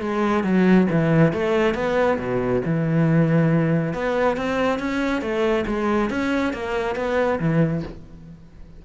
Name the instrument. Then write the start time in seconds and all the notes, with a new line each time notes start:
cello
0.00 G#3
0.43 F#3
0.90 E3
1.33 A3
1.74 B3
2.18 B2
2.65 E3
3.93 B3
4.37 C4
4.79 C#4
5.21 A3
5.67 G#3
6.10 C#4
6.53 A#3
6.95 B3
7.39 E3